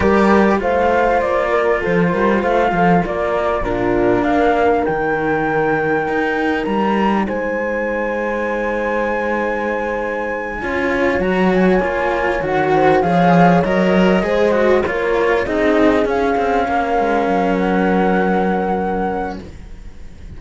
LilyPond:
<<
  \new Staff \with { instrumentName = "flute" } { \time 4/4 \tempo 4 = 99 d''4 f''4 d''4 c''4 | f''4 d''4 ais'4 f''4 | g''2. ais''4 | gis''1~ |
gis''2~ gis''8 ais''8 gis''4~ | gis''8 fis''4 f''4 dis''4.~ | dis''8 cis''4 dis''4 f''4.~ | f''4 fis''2. | }
  \new Staff \with { instrumentName = "horn" } { \time 4/4 ais'4 c''4. ais'8 a'8 ais'8 | c''8 a'8 ais'4 f'4 ais'4~ | ais'1 | c''1~ |
c''4. cis''2~ cis''8~ | cis''4 c''8 cis''2 c''8~ | c''8 ais'4 gis'2 ais'8~ | ais'1 | }
  \new Staff \with { instrumentName = "cello" } { \time 4/4 g'4 f'2.~ | f'2 d'2 | dis'1~ | dis'1~ |
dis'4. f'4 fis'4 f'8~ | f'8 fis'4 gis'4 ais'4 gis'8 | fis'8 f'4 dis'4 cis'4.~ | cis'1 | }
  \new Staff \with { instrumentName = "cello" } { \time 4/4 g4 a4 ais4 f8 g8 | a8 f8 ais4 ais,4 ais4 | dis2 dis'4 g4 | gis1~ |
gis4. cis'4 fis4 ais8~ | ais8 dis4 f4 fis4 gis8~ | gis8 ais4 c'4 cis'8 c'8 ais8 | gis8 fis2.~ fis8 | }
>>